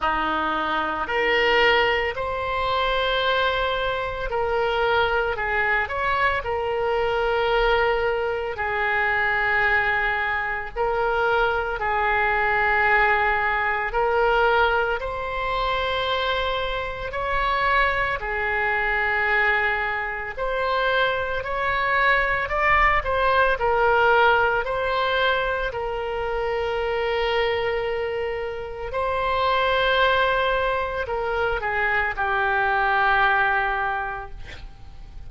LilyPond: \new Staff \with { instrumentName = "oboe" } { \time 4/4 \tempo 4 = 56 dis'4 ais'4 c''2 | ais'4 gis'8 cis''8 ais'2 | gis'2 ais'4 gis'4~ | gis'4 ais'4 c''2 |
cis''4 gis'2 c''4 | cis''4 d''8 c''8 ais'4 c''4 | ais'2. c''4~ | c''4 ais'8 gis'8 g'2 | }